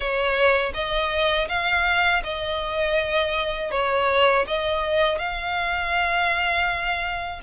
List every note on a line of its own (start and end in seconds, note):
0.00 0.72 C#5
0.74 1.48 D#5
1.48 2.22 F5
2.23 3.71 D#5
3.71 4.45 C#5
4.46 5.18 D#5
5.18 7.40 F5